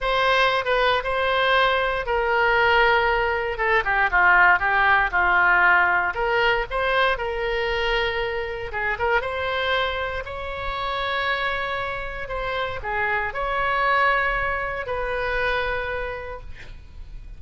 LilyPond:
\new Staff \with { instrumentName = "oboe" } { \time 4/4 \tempo 4 = 117 c''4~ c''16 b'8. c''2 | ais'2. a'8 g'8 | f'4 g'4 f'2 | ais'4 c''4 ais'2~ |
ais'4 gis'8 ais'8 c''2 | cis''1 | c''4 gis'4 cis''2~ | cis''4 b'2. | }